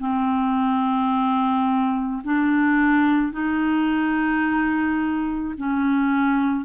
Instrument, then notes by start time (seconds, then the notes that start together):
clarinet
0.00 C4
2.24 D4
3.32 D#4
5.58 C#4